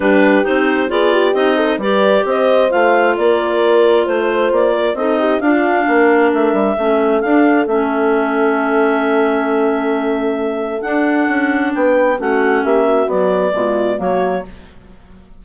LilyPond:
<<
  \new Staff \with { instrumentName = "clarinet" } { \time 4/4 \tempo 4 = 133 b'4 c''4 d''4 dis''4 | d''4 dis''4 f''4 d''4~ | d''4 c''4 d''4 dis''4 | f''2 e''2 |
f''4 e''2.~ | e''1 | fis''2 g''4 fis''4 | e''4 d''2 cis''4 | }
  \new Staff \with { instrumentName = "horn" } { \time 4/4 g'2 gis'8 g'4 a'8 | b'4 c''2 ais'4~ | ais'4 c''4. ais'8 a'8 g'8 | f'4 ais'2 a'4~ |
a'1~ | a'1~ | a'2 b'4 fis'4 | g'8 fis'4. f'4 fis'4 | }
  \new Staff \with { instrumentName = "clarinet" } { \time 4/4 d'4 dis'4 f'4 dis'4 | g'2 f'2~ | f'2. dis'4 | d'2. cis'4 |
d'4 cis'2.~ | cis'1 | d'2. cis'4~ | cis'4 fis4 gis4 ais4 | }
  \new Staff \with { instrumentName = "bassoon" } { \time 4/4 g4 c'4 b4 c'4 | g4 c'4 a4 ais4~ | ais4 a4 ais4 c'4 | d'4 ais4 a8 g8 a4 |
d'4 a2.~ | a1 | d'4 cis'4 b4 a4 | ais4 b4 b,4 fis4 | }
>>